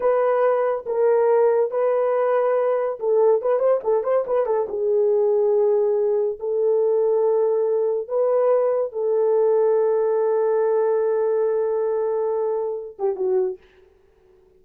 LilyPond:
\new Staff \with { instrumentName = "horn" } { \time 4/4 \tempo 4 = 141 b'2 ais'2 | b'2. a'4 | b'8 c''8 a'8 c''8 b'8 a'8 gis'4~ | gis'2. a'4~ |
a'2. b'4~ | b'4 a'2.~ | a'1~ | a'2~ a'8 g'8 fis'4 | }